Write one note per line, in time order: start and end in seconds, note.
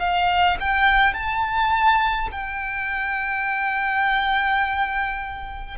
0.00 0.58 F5
0.61 1.14 G5
1.14 2.29 A5
2.32 5.78 G5